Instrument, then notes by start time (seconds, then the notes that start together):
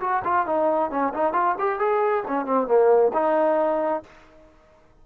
trombone
0.00 F#4
0.24 F4
0.46 D#4
0.91 C#4
1.14 D#4
1.33 F4
1.59 G4
1.79 G#4
2.28 C#4
2.45 C4
2.67 A#3
3.13 D#4